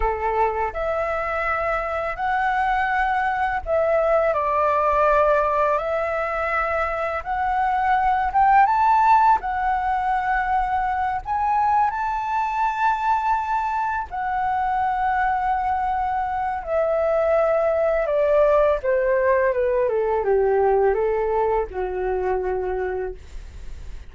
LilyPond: \new Staff \with { instrumentName = "flute" } { \time 4/4 \tempo 4 = 83 a'4 e''2 fis''4~ | fis''4 e''4 d''2 | e''2 fis''4. g''8 | a''4 fis''2~ fis''8 gis''8~ |
gis''8 a''2. fis''8~ | fis''2. e''4~ | e''4 d''4 c''4 b'8 a'8 | g'4 a'4 fis'2 | }